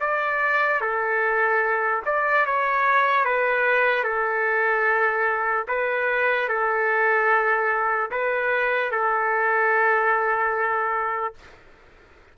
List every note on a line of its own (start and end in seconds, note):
0.00 0.81 D5
0.81 2.03 A4
2.05 2.46 D5
2.46 3.25 C#5
3.25 4.04 B4
4.04 5.66 A4
5.68 6.48 B4
6.48 8.10 A4
8.11 8.91 B4
8.91 11.34 A4